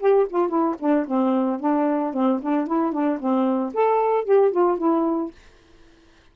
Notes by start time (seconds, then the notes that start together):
0.00 G4
0.30 F4
0.49 E4
0.80 D4
1.08 C4
1.60 D4
2.14 C4
2.43 D4
2.67 E4
2.93 D4
3.20 C4
3.74 A4
4.25 G4
4.52 F4
4.78 E4